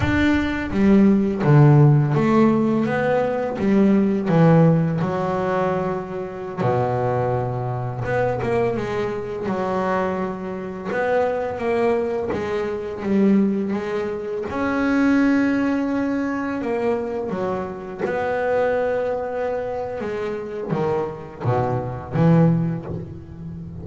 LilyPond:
\new Staff \with { instrumentName = "double bass" } { \time 4/4 \tempo 4 = 84 d'4 g4 d4 a4 | b4 g4 e4 fis4~ | fis4~ fis16 b,2 b8 ais16~ | ais16 gis4 fis2 b8.~ |
b16 ais4 gis4 g4 gis8.~ | gis16 cis'2. ais8.~ | ais16 fis4 b2~ b8. | gis4 dis4 b,4 e4 | }